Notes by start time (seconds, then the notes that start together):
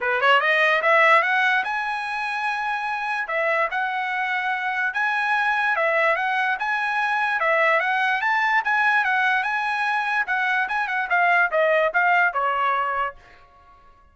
0.00 B4
0.21 C#5
0.40 D#5
0.81 E5
1.22 F#5
1.63 G#5
3.27 E5
3.70 F#5
4.93 G#5
5.76 E5
6.16 F#5
6.59 G#5
7.40 E5
7.80 F#5
8.21 A5
8.64 G#5
9.04 F#5
9.43 G#5
10.26 F#5
10.68 G#5
10.87 F#5
11.09 F5
11.51 D#5
11.93 F5
12.33 C#5